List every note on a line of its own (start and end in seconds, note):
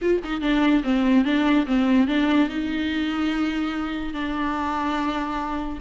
0.01 0.22 F4
0.24 0.41 D#4
0.41 0.82 D4
0.83 1.24 C4
1.24 1.66 D4
1.66 2.07 C4
2.07 2.49 D4
2.49 4.13 D#4
4.13 5.79 D4